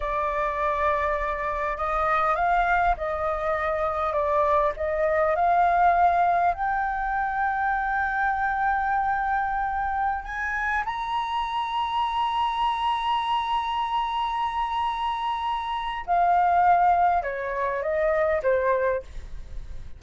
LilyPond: \new Staff \with { instrumentName = "flute" } { \time 4/4 \tempo 4 = 101 d''2. dis''4 | f''4 dis''2 d''4 | dis''4 f''2 g''4~ | g''1~ |
g''4~ g''16 gis''4 ais''4.~ ais''16~ | ais''1~ | ais''2. f''4~ | f''4 cis''4 dis''4 c''4 | }